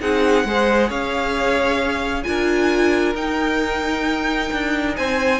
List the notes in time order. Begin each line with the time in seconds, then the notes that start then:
0.00 C4 D#4 G#4 F#5
0.44 G#3 G#4 C5
0.89 C#4 C#5 F5
2.23 D4 F4 A#4 G#5
3.14 D#4 G5
4.52 D4
4.96 C4 C5 G#5